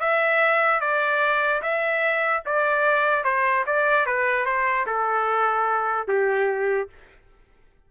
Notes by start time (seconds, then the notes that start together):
0.00 E5
0.81 D5
1.62 E5
2.46 D5
3.24 C5
3.67 D5
4.06 B4
4.46 C5
4.86 A4
6.08 G4